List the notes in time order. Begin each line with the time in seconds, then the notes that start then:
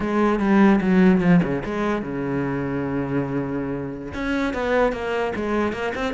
0.00 G#3
0.39 G3
0.81 F#3
1.20 F3
1.43 C#3
1.65 G#3
2.02 C#3
4.13 C#4
4.53 B3
4.92 A#3
5.35 G#3
5.72 A#3
5.95 C4